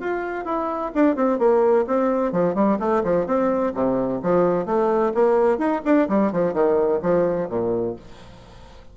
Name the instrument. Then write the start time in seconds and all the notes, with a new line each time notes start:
bassoon
0.00 F4
0.44 E4
0.94 D4
1.15 C4
1.38 A#3
1.86 C4
2.32 F3
2.54 G3
2.79 A3
3.03 F3
3.26 C4
3.74 C3
4.22 F3
4.66 A3
5.14 A#3
5.58 D#4
5.84 D4
6.08 G3
6.32 F3
6.53 D#3
7.02 F3
7.49 A#2